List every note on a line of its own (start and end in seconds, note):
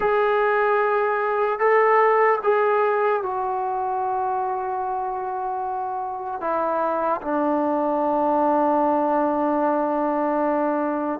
0.00 1.59 G#4
1.59 2.39 A4
2.43 3.22 G#4
3.22 6.40 F#4
6.40 7.20 E4
7.21 11.20 D4